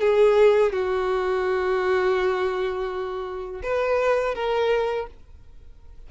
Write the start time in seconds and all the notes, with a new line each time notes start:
0.00 G#4
0.72 F#4
3.63 B4
4.34 A#4